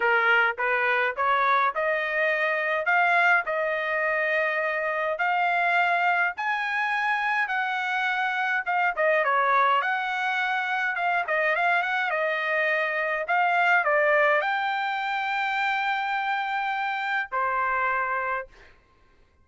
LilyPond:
\new Staff \with { instrumentName = "trumpet" } { \time 4/4 \tempo 4 = 104 ais'4 b'4 cis''4 dis''4~ | dis''4 f''4 dis''2~ | dis''4 f''2 gis''4~ | gis''4 fis''2 f''8 dis''8 |
cis''4 fis''2 f''8 dis''8 | f''8 fis''8 dis''2 f''4 | d''4 g''2.~ | g''2 c''2 | }